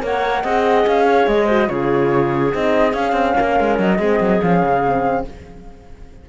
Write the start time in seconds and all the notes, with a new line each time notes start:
0.00 A#3 A#4 C#5 F#5
0.42 C4 G#4 D#5
0.86 C#4 F5
1.04 C#5
1.27 G#3 D#5
1.46 F#4 C5
1.67 C#3 F4 G#4 C#5
2.53 C4 D#4 D#5
2.92 C#4 F5
3.12 C4
3.35 A#3 A#4
3.60 G#3
3.79 F#3 D#5
3.98 G#3 C4 G#4
4.20 F#3
4.41 F3 C#4 F5
4.62 C#3
4.87 C4